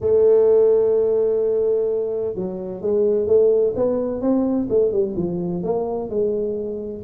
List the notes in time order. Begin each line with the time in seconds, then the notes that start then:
0.00 A3
2.34 F#3
2.81 G#3
3.26 A3
3.75 B3
4.21 C4
4.69 A3
4.91 G3
5.16 F3
5.63 A#3
6.09 G#3